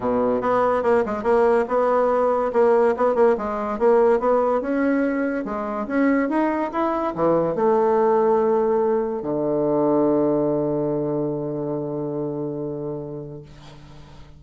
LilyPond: \new Staff \with { instrumentName = "bassoon" } { \time 4/4 \tempo 4 = 143 b,4 b4 ais8 gis8 ais4 | b2 ais4 b8 ais8 | gis4 ais4 b4 cis'4~ | cis'4 gis4 cis'4 dis'4 |
e'4 e4 a2~ | a2 d2~ | d1~ | d1 | }